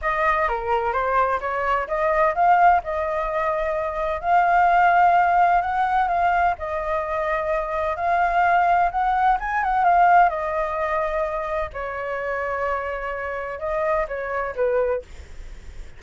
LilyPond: \new Staff \with { instrumentName = "flute" } { \time 4/4 \tempo 4 = 128 dis''4 ais'4 c''4 cis''4 | dis''4 f''4 dis''2~ | dis''4 f''2. | fis''4 f''4 dis''2~ |
dis''4 f''2 fis''4 | gis''8 fis''8 f''4 dis''2~ | dis''4 cis''2.~ | cis''4 dis''4 cis''4 b'4 | }